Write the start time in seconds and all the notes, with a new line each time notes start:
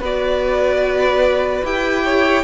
0.00 B3 F#4 B4 D5
1.64 E4 G4 G5
2.04 C#5